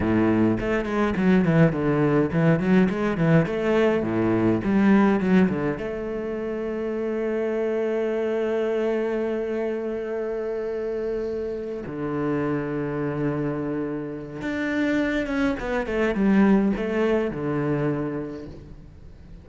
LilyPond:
\new Staff \with { instrumentName = "cello" } { \time 4/4 \tempo 4 = 104 a,4 a8 gis8 fis8 e8 d4 | e8 fis8 gis8 e8 a4 a,4 | g4 fis8 d8 a2~ | a1~ |
a1~ | a8 d2.~ d8~ | d4 d'4. cis'8 b8 a8 | g4 a4 d2 | }